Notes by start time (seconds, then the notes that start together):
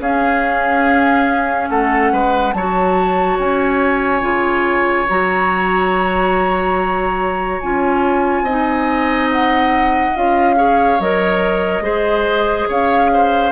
0.00 C#4 G#4 F5
1.70 A3 A4 F#5
2.12 G#3 B4
2.53 F#3 F#4 C#5 A5
3.39 C#4 G#5
4.21 C#3 F4
5.09 F#3 F#4 A#5
7.60 C#4 F4 G#5
8.42 C4 D#4 D#5
9.32 F#5
10.16 C#4 F4 F5
10.56 G#4 C#5
11.00 F#3 A#4 D#5
11.81 G#3 G#4 C5
12.68 C#4 C#5 F5
13.13 C5